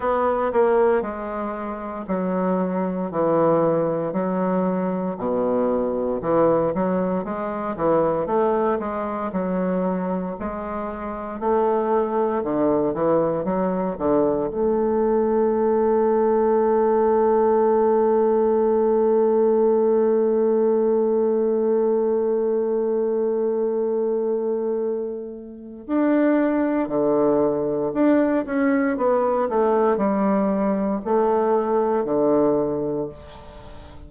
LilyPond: \new Staff \with { instrumentName = "bassoon" } { \time 4/4 \tempo 4 = 58 b8 ais8 gis4 fis4 e4 | fis4 b,4 e8 fis8 gis8 e8 | a8 gis8 fis4 gis4 a4 | d8 e8 fis8 d8 a2~ |
a1~ | a1~ | a4 d'4 d4 d'8 cis'8 | b8 a8 g4 a4 d4 | }